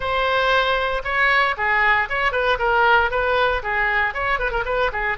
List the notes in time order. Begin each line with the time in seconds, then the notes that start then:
0.00 C5
1.03 C#5
1.57 G#4
2.09 C#5
2.32 B4
2.59 A#4
3.10 B4
3.63 G#4
4.14 C#5
4.39 B4
4.51 A#4
4.65 B4
4.92 G#4